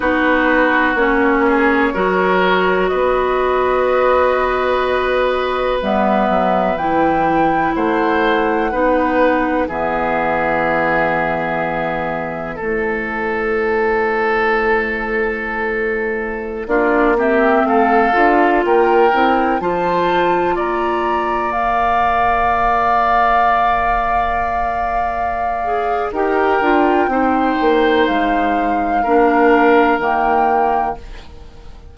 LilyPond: <<
  \new Staff \with { instrumentName = "flute" } { \time 4/4 \tempo 4 = 62 b'4 cis''2 dis''4~ | dis''2 e''4 g''4 | fis''2 e''2~ | e''4 c''2.~ |
c''4~ c''16 d''8 e''8 f''4 g''8.~ | g''16 a''4 ais''4 f''4.~ f''16~ | f''2. g''4~ | g''4 f''2 g''4 | }
  \new Staff \with { instrumentName = "oboe" } { \time 4/4 fis'4. gis'8 ais'4 b'4~ | b'1 | c''4 b'4 gis'2~ | gis'4 a'2.~ |
a'4~ a'16 f'8 g'8 a'4 ais'8.~ | ais'16 c''4 d''2~ d''8.~ | d''2. ais'4 | c''2 ais'2 | }
  \new Staff \with { instrumentName = "clarinet" } { \time 4/4 dis'4 cis'4 fis'2~ | fis'2 b4 e'4~ | e'4 dis'4 b2~ | b4 e'2.~ |
e'4~ e'16 d'8 c'4 f'4 e'16~ | e'16 f'2 ais'4.~ ais'16~ | ais'2~ ais'8 gis'8 g'8 f'8 | dis'2 d'4 ais4 | }
  \new Staff \with { instrumentName = "bassoon" } { \time 4/4 b4 ais4 fis4 b4~ | b2 g8 fis8 e4 | a4 b4 e2~ | e4 a2.~ |
a4~ a16 ais4 a8 d'8 ais8 c'16~ | c'16 f4 ais2~ ais8.~ | ais2. dis'8 d'8 | c'8 ais8 gis4 ais4 dis4 | }
>>